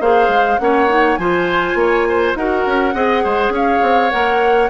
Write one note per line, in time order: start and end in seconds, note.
0.00 0.28 A#3
0.00 0.59 G#4
0.00 0.60 C5
0.00 0.59 F5
0.28 0.57 G#3
0.59 1.18 A#3
0.59 0.88 C#4
0.59 1.19 C#5
0.59 1.16 F#5
0.88 1.18 D#4
1.16 1.75 F3
1.16 2.37 F4
1.16 1.78 C5
1.16 2.34 G#5
1.75 2.33 A#3
1.75 2.08 C#5
2.08 2.38 C5
2.35 2.65 D#4
2.35 2.94 F#4
2.35 2.94 A#4
2.35 3.54 F#5
2.66 2.94 C#4
2.94 3.24 C4
2.94 4.11 G#4
2.94 3.24 D#5
3.24 3.49 G#3
3.24 3.53 C5
3.49 3.79 C#4
3.49 4.70 C#5
3.49 4.10 F5
3.82 4.12 C4
4.10 4.70 A#3
4.10 4.69 A#4
4.10 4.69 F#5